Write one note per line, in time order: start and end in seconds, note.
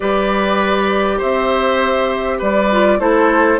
0.00 1.21 G3
0.00 2.67 G4
0.00 1.18 B4
0.00 1.20 D5
1.18 2.41 C4
1.18 2.38 C5
1.18 2.41 E5
2.38 2.99 G3
2.38 2.98 B4
2.38 3.00 D5
2.71 2.99 F4
2.99 3.59 A3
2.99 3.59 E4
2.99 3.59 A4
2.99 3.59 C5